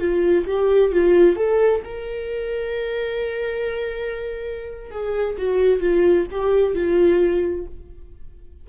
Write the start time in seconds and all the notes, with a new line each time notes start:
0.00 F4
0.47 G4
0.93 F4
1.37 A4
1.85 A#4
4.92 G#4
5.38 F#4
5.81 F4
6.31 G4
6.75 F4